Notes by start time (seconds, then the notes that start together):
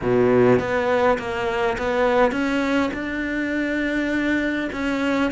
0.02 B2
0.59 B3
1.18 A#3
1.78 B3
2.31 C#4
2.93 D4
4.72 C#4